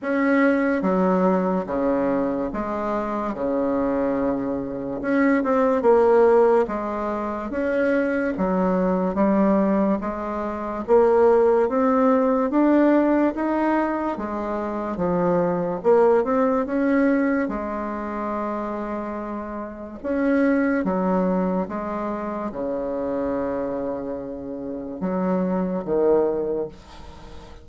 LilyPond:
\new Staff \with { instrumentName = "bassoon" } { \time 4/4 \tempo 4 = 72 cis'4 fis4 cis4 gis4 | cis2 cis'8 c'8 ais4 | gis4 cis'4 fis4 g4 | gis4 ais4 c'4 d'4 |
dis'4 gis4 f4 ais8 c'8 | cis'4 gis2. | cis'4 fis4 gis4 cis4~ | cis2 fis4 dis4 | }